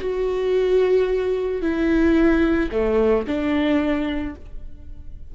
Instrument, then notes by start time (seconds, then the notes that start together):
viola
0.00 F#4
1.62 E4
2.72 A3
3.27 D4